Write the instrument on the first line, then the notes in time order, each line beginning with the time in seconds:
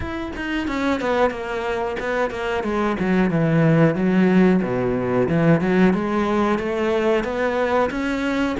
cello
0.00 E4
0.36 D#4
0.67 C#4
1.00 B3
1.30 A#3
1.99 B3
2.30 A#3
2.63 G#3
2.99 F#3
3.30 E3
3.95 F#3
4.62 B2
5.28 E3
5.60 F#3
5.93 G#3
6.58 A3
7.23 B3
7.90 C#4